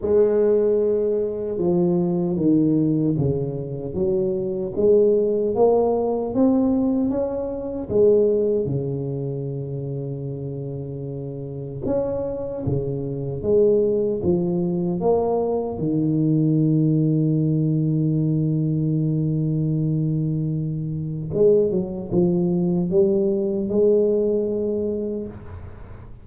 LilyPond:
\new Staff \with { instrumentName = "tuba" } { \time 4/4 \tempo 4 = 76 gis2 f4 dis4 | cis4 fis4 gis4 ais4 | c'4 cis'4 gis4 cis4~ | cis2. cis'4 |
cis4 gis4 f4 ais4 | dis1~ | dis2. gis8 fis8 | f4 g4 gis2 | }